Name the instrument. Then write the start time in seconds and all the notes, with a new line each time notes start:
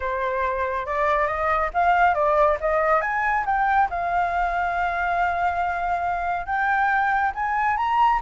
flute
0.00 C5
0.85 D5
1.27 D#5
1.73 F5
2.14 D5
2.60 D#5
3.01 G#5
3.45 G5
3.90 F5
6.45 G5
7.34 G#5
7.76 A#5